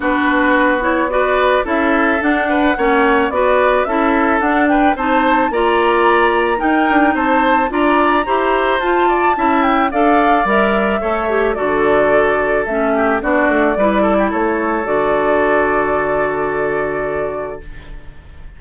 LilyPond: <<
  \new Staff \with { instrumentName = "flute" } { \time 4/4 \tempo 4 = 109 b'4. cis''8 d''4 e''4 | fis''2 d''4 e''4 | fis''8 g''8 a''4 ais''2 | g''4 a''4 ais''2 |
a''4. g''8 f''4 e''4~ | e''4 d''2 e''4 | d''2 cis''4 d''4~ | d''1 | }
  \new Staff \with { instrumentName = "oboe" } { \time 4/4 fis'2 b'4 a'4~ | a'8 b'8 cis''4 b'4 a'4~ | a'8 b'8 c''4 d''2 | ais'4 c''4 d''4 c''4~ |
c''8 d''8 e''4 d''2 | cis''4 a'2~ a'8 g'8 | fis'4 b'8 a'16 g'16 a'2~ | a'1 | }
  \new Staff \with { instrumentName = "clarinet" } { \time 4/4 d'4. e'8 fis'4 e'4 | d'4 cis'4 fis'4 e'4 | d'4 dis'4 f'2 | dis'2 f'4 g'4 |
f'4 e'4 a'4 ais'4 | a'8 g'8 fis'2 cis'4 | d'4 e'2 fis'4~ | fis'1 | }
  \new Staff \with { instrumentName = "bassoon" } { \time 4/4 b2. cis'4 | d'4 ais4 b4 cis'4 | d'4 c'4 ais2 | dis'8 d'8 c'4 d'4 e'4 |
f'4 cis'4 d'4 g4 | a4 d2 a4 | b8 a8 g4 a4 d4~ | d1 | }
>>